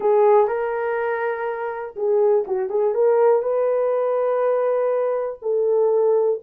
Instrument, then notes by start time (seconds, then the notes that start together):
horn
0.00 G#4
0.47 A#4
1.96 G#4
2.47 F#4
2.69 G#4
2.94 A#4
3.42 B4
5.42 A4